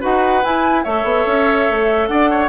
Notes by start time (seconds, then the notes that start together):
0.00 D#4 F#4 B4 F#5
0.43 E4 G#5
0.83 A3 A4 C#5 E5
1.03 B3
1.26 C#4
1.70 A3
2.07 D4 D5 F#5
2.30 C#5